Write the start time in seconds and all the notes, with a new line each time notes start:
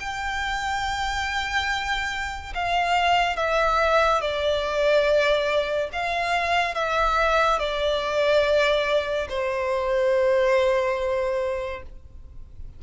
0.00 G5
2.55 F5
3.37 E5
4.21 D5
5.93 F5
6.75 E5
7.59 D5
9.29 C5